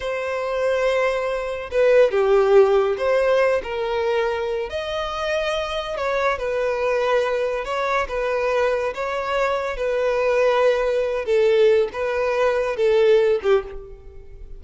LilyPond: \new Staff \with { instrumentName = "violin" } { \time 4/4 \tempo 4 = 141 c''1 | b'4 g'2 c''4~ | c''8 ais'2~ ais'8 dis''4~ | dis''2 cis''4 b'4~ |
b'2 cis''4 b'4~ | b'4 cis''2 b'4~ | b'2~ b'8 a'4. | b'2 a'4. g'8 | }